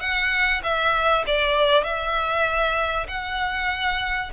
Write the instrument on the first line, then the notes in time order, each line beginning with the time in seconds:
violin
0.00 F#5
0.63 E5
1.26 D5
1.84 E5
3.08 F#5